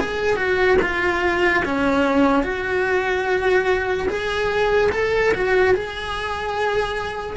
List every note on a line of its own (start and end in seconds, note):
0.00 0.37 G#4
0.37 0.78 F#4
0.82 1.64 F4
1.65 2.44 C#4
2.44 4.08 F#4
4.09 4.91 G#4
4.92 5.33 A4
5.34 5.75 F#4
5.75 7.37 G#4